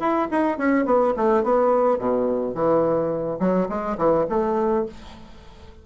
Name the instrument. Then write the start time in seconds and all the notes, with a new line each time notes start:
bassoon
0.00 E4
0.31 D#4
0.58 C#4
0.85 B3
1.17 A3
1.44 B3
1.99 B2
2.55 E3
3.40 F#3
3.69 G#3
3.98 E3
4.29 A3